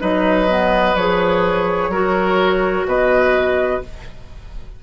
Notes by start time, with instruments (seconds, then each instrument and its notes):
0.00 bassoon F#3, clarinet D#4, oboe B4, flute D#5
0.49 clarinet B3
0.95 bassoon F3, clarinet G#4, flute C#5
1.89 bassoon F#3, clarinet F#4, oboe A#4
2.86 bassoon B2, oboe B4, flute D#5